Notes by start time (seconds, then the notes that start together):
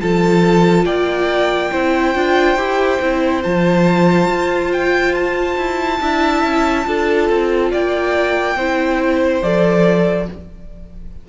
0.00 F3 F4 A4 A5
0.84 A#3 D5 G5
1.71 C4 E4 C5
2.14 D4 F4
2.56 E4 G4
3.01 C4 E4
3.43 F3 F4 A5
4.27 F4
4.72 G5
5.14 A5
5.57 E4
6.01 D4 E4 E5
6.43 C#4
6.85 D4 F4 A4
7.29 C4
7.71 A#3 D5 G5
8.55 C4 E4 C5
9.42 F3 A4 D5